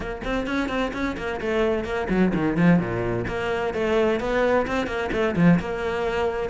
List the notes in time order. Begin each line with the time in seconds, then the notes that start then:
0.00 A#3
0.24 C4
0.47 C#4
0.68 C4
0.93 C#4
1.17 A#3
1.40 A3
1.84 A#3
2.09 F#3
2.34 D#3
2.56 F3
2.79 A#2
3.27 A#3
3.74 A3
4.20 B3
4.67 C4
4.86 A#3
5.11 A3
5.36 F3
5.59 A#3